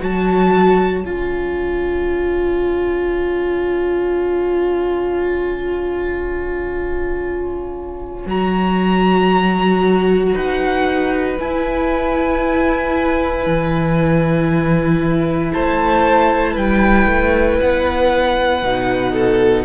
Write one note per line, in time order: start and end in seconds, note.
0.00 1.04 F#3
0.00 1.03 F#4
0.00 10.34 C#5
0.00 1.05 A5
1.04 8.27 C#4
1.04 8.28 F4
1.04 8.29 G#5
8.27 10.34 F#3
8.27 11.38 F#4
8.27 10.36 A#5
10.34 11.39 D#4
10.34 15.52 B4
10.34 11.40 F#5
11.40 18.64 E4
11.40 13.47 E4
11.40 15.53 G#5
13.47 15.54 E3
15.53 16.57 A3
15.53 16.53 C5
15.53 16.57 A5
16.53 17.07 G3
16.53 19.12 B4
16.53 17.60 G5
17.07 17.59 A3
17.60 18.63 B3
17.60 19.66 F#5
18.63 19.66 B2
18.63 19.66 D#4
19.13 19.65 A4